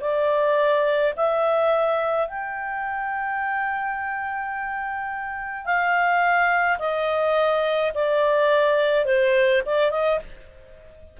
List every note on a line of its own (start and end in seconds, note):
0.00 1.13 D5
1.16 2.27 E5
2.27 5.65 G5
5.65 6.78 F5
6.79 7.92 D#5
7.94 9.05 D5
9.05 9.62 C5
9.65 9.91 D5
9.91 10.19 D#5